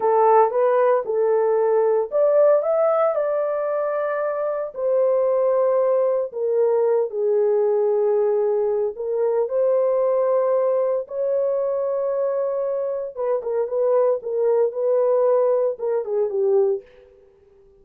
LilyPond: \new Staff \with { instrumentName = "horn" } { \time 4/4 \tempo 4 = 114 a'4 b'4 a'2 | d''4 e''4 d''2~ | d''4 c''2. | ais'4. gis'2~ gis'8~ |
gis'4 ais'4 c''2~ | c''4 cis''2.~ | cis''4 b'8 ais'8 b'4 ais'4 | b'2 ais'8 gis'8 g'4 | }